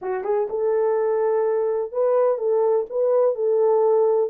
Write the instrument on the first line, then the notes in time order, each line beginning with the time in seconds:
horn
0.01 F#4
0.24 G#4
0.49 A4
1.92 B4
2.38 A4
2.89 B4
3.35 A4